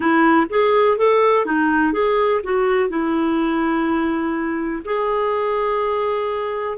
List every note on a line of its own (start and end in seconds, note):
0.00 0.47 E4
0.49 0.97 G#4
0.97 1.45 A4
1.45 1.93 D#4
1.93 2.41 G#4
2.43 2.89 F#4
2.89 4.82 E4
4.84 6.77 G#4